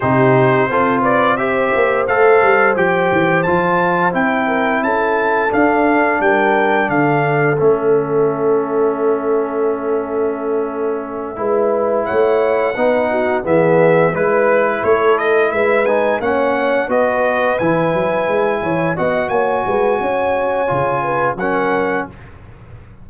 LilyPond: <<
  \new Staff \with { instrumentName = "trumpet" } { \time 4/4 \tempo 4 = 87 c''4. d''8 e''4 f''4 | g''4 a''4 g''4 a''4 | f''4 g''4 f''4 e''4~ | e''1~ |
e''4. fis''2 e''8~ | e''8 b'4 cis''8 dis''8 e''8 gis''8 fis''8~ | fis''8 dis''4 gis''2 fis''8 | gis''2. fis''4 | }
  \new Staff \with { instrumentName = "horn" } { \time 4/4 g'4 a'8 b'8 c''2~ | c''2~ c''8 ais'8 a'4~ | a'4 ais'4 a'2~ | a'1~ |
a'8 b'4 cis''4 b'8 fis'8 gis'8~ | gis'8 b'4 a'4 b'4 cis''8~ | cis''8 b'2~ b'8 cis''8 dis''8 | cis''8 b'8 cis''4. b'8 ais'4 | }
  \new Staff \with { instrumentName = "trombone" } { \time 4/4 dis'4 f'4 g'4 a'4 | g'4 f'4 e'2 | d'2. cis'4~ | cis'1~ |
cis'8 e'2 dis'4 b8~ | b8 e'2~ e'8 dis'8 cis'8~ | cis'8 fis'4 e'2 fis'8~ | fis'2 f'4 cis'4 | }
  \new Staff \with { instrumentName = "tuba" } { \time 4/4 c4 c'4. ais8 a8 g8 | f8 e8 f4 c'4 cis'4 | d'4 g4 d4 a4~ | a1~ |
a8 gis4 a4 b4 e8~ | e8 gis4 a4 gis4 ais8~ | ais8 b4 e8 fis8 gis8 e8 b8 | ais8 gis8 cis'4 cis4 fis4 | }
>>